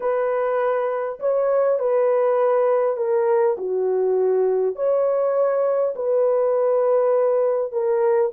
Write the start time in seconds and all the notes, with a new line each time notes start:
0.00 B4
1.19 C#5
1.79 B4
2.96 A#4
3.57 F#4
4.75 C#5
5.95 B4
7.71 A#4